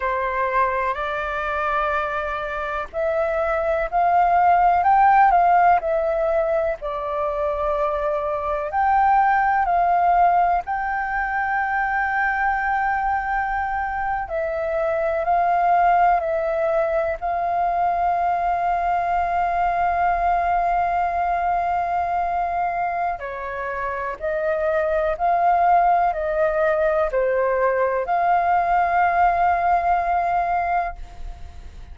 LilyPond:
\new Staff \with { instrumentName = "flute" } { \time 4/4 \tempo 4 = 62 c''4 d''2 e''4 | f''4 g''8 f''8 e''4 d''4~ | d''4 g''4 f''4 g''4~ | g''2~ g''8. e''4 f''16~ |
f''8. e''4 f''2~ f''16~ | f''1 | cis''4 dis''4 f''4 dis''4 | c''4 f''2. | }